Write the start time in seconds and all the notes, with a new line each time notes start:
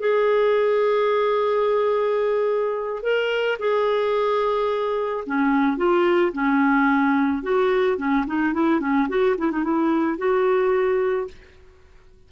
0.00 G#4
3.03 A#4
3.59 G#4
5.26 C#4
5.77 F4
6.33 C#4
7.43 F#4
7.98 C#4
8.27 D#4
8.54 E4
8.80 C#4
9.09 F#4
9.38 E4
9.51 D#4
9.64 E4
10.18 F#4